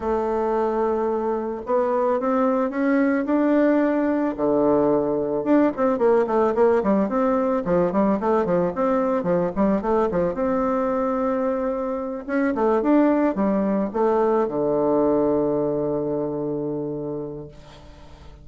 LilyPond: \new Staff \with { instrumentName = "bassoon" } { \time 4/4 \tempo 4 = 110 a2. b4 | c'4 cis'4 d'2 | d2 d'8 c'8 ais8 a8 | ais8 g8 c'4 f8 g8 a8 f8 |
c'4 f8 g8 a8 f8 c'4~ | c'2~ c'8 cis'8 a8 d'8~ | d'8 g4 a4 d4.~ | d1 | }